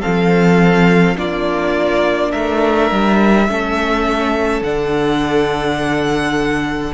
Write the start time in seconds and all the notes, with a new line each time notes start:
0.00 F3 C4 A4 F5
1.16 A#3 D4 F4 D5
2.31 A3 A#4 E5
2.91 G3
3.48 A3 C#4 A4
4.61 D3 D4 F#5